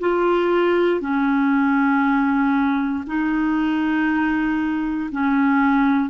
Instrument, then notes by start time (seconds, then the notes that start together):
clarinet
0.00 F4
1.01 C#4
3.06 D#4
5.11 C#4